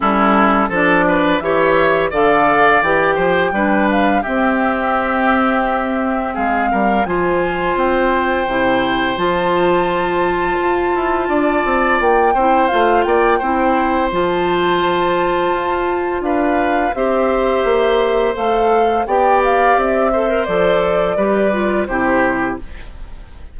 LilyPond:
<<
  \new Staff \with { instrumentName = "flute" } { \time 4/4 \tempo 4 = 85 a'4 d''4 e''4 f''4 | g''4. f''8 e''2~ | e''4 f''4 gis''4 g''4~ | g''4 a''2.~ |
a''4 g''4 f''8 g''4. | a''2. f''4 | e''2 f''4 g''8 f''8 | e''4 d''2 c''4 | }
  \new Staff \with { instrumentName = "oboe" } { \time 4/4 e'4 a'8 b'8 cis''4 d''4~ | d''8 c''8 b'4 g'2~ | g'4 gis'8 ais'8 c''2~ | c''1 |
d''4. c''4 d''8 c''4~ | c''2. b'4 | c''2. d''4~ | d''8 c''4. b'4 g'4 | }
  \new Staff \with { instrumentName = "clarinet" } { \time 4/4 cis'4 d'4 g'4 a'4 | g'4 d'4 c'2~ | c'2 f'2 | e'4 f'2.~ |
f'4. e'8 f'4 e'4 | f'1 | g'2 a'4 g'4~ | g'8 a'16 ais'16 a'4 g'8 f'8 e'4 | }
  \new Staff \with { instrumentName = "bassoon" } { \time 4/4 g4 f4 e4 d4 | e8 f8 g4 c'2~ | c'4 gis8 g8 f4 c'4 | c4 f2 f'8 e'8 |
d'8 c'8 ais8 c'8 a8 ais8 c'4 | f2 f'4 d'4 | c'4 ais4 a4 b4 | c'4 f4 g4 c4 | }
>>